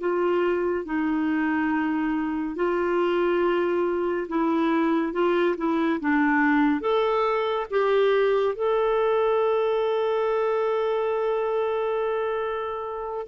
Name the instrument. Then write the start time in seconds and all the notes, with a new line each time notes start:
clarinet
0.00 F4
0.85 D#4
2.56 F4
4.29 E4
5.13 F4
5.57 E4
6.01 D4
6.81 A4
7.71 G4
8.56 A4